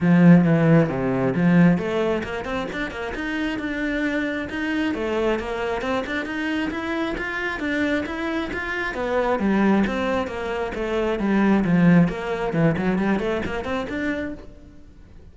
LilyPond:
\new Staff \with { instrumentName = "cello" } { \time 4/4 \tempo 4 = 134 f4 e4 c4 f4 | a4 ais8 c'8 d'8 ais8 dis'4 | d'2 dis'4 a4 | ais4 c'8 d'8 dis'4 e'4 |
f'4 d'4 e'4 f'4 | b4 g4 c'4 ais4 | a4 g4 f4 ais4 | e8 fis8 g8 a8 ais8 c'8 d'4 | }